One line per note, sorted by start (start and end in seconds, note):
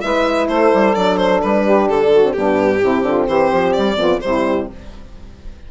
0.00 0.48 G#3
0.00 0.95 E4
0.00 0.49 B4
0.00 0.47 E5
0.48 0.71 A3
0.48 1.63 A4
0.48 0.94 C5
0.73 0.96 G3
0.95 1.42 F#3
0.95 2.22 D4
0.95 1.17 D5
1.17 1.40 C5
1.41 1.88 G3
1.41 1.88 B4
1.63 2.09 G4
1.88 2.34 D3
1.88 2.33 A4
2.11 2.34 F#4
2.22 2.34 C4
2.33 2.83 G2
2.33 2.82 B3
2.33 2.81 D4
2.33 3.26 G4
2.81 3.02 C3
2.81 3.96 C4
2.81 3.05 E4
3.02 3.25 D3
3.02 3.27 F4
3.27 3.51 E3
3.27 3.97 G4
3.27 3.73 C5
3.52 3.75 F3
3.73 3.96 G3
3.73 4.19 D5
3.96 4.19 F2
3.96 4.19 B3
3.96 4.20 F4
4.20 4.70 C3
4.20 4.71 G3
4.20 4.70 E4
4.20 4.67 C5